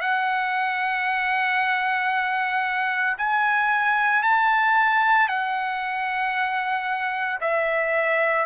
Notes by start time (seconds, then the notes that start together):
0.00 F#5
3.17 G#5
4.22 A5
5.28 F#5
7.40 E5